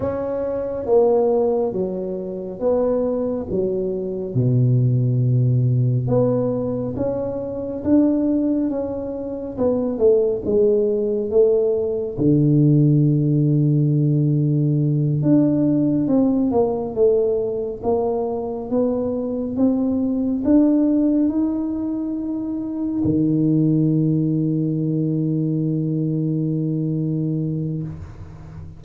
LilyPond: \new Staff \with { instrumentName = "tuba" } { \time 4/4 \tempo 4 = 69 cis'4 ais4 fis4 b4 | fis4 b,2 b4 | cis'4 d'4 cis'4 b8 a8 | gis4 a4 d2~ |
d4. d'4 c'8 ais8 a8~ | a8 ais4 b4 c'4 d'8~ | d'8 dis'2 dis4.~ | dis1 | }